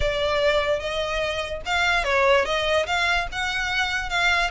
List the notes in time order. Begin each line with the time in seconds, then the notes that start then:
0.00 D5
0.79 D#5
1.65 F5
2.04 C#5
2.45 D#5
2.86 F5
3.32 F#5
4.09 F5